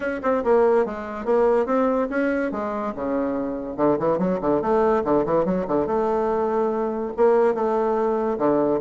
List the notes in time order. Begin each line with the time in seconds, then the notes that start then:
0.00 C#4
0.22 C4
0.44 A#3
0.85 G#3
1.25 A#3
1.66 C4
2.10 C#4
2.51 G#3
2.95 C#3
3.76 D3
3.99 E3
4.18 F#3
4.41 D3
4.61 A3
5.04 D3
5.25 E3
5.45 F#3
5.67 D3
5.86 A3
7.16 A#3
7.54 A3
8.38 D3